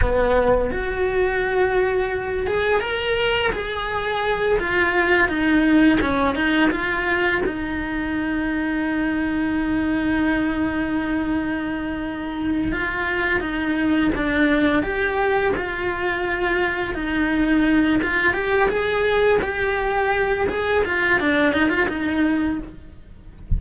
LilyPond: \new Staff \with { instrumentName = "cello" } { \time 4/4 \tempo 4 = 85 b4 fis'2~ fis'8 gis'8 | ais'4 gis'4. f'4 dis'8~ | dis'8 cis'8 dis'8 f'4 dis'4.~ | dis'1~ |
dis'2 f'4 dis'4 | d'4 g'4 f'2 | dis'4. f'8 g'8 gis'4 g'8~ | g'4 gis'8 f'8 d'8 dis'16 f'16 dis'4 | }